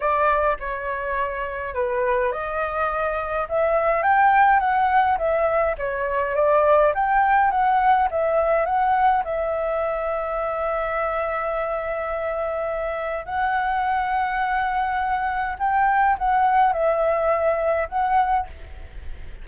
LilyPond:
\new Staff \with { instrumentName = "flute" } { \time 4/4 \tempo 4 = 104 d''4 cis''2 b'4 | dis''2 e''4 g''4 | fis''4 e''4 cis''4 d''4 | g''4 fis''4 e''4 fis''4 |
e''1~ | e''2. fis''4~ | fis''2. g''4 | fis''4 e''2 fis''4 | }